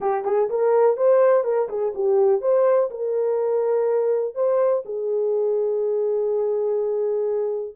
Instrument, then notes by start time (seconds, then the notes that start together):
horn
0.00 G4
0.24 G#4
0.49 A#4
0.96 C5
1.44 A#4
1.68 G#4
1.95 G4
2.41 C5
2.90 A#4
4.34 C5
4.85 G#4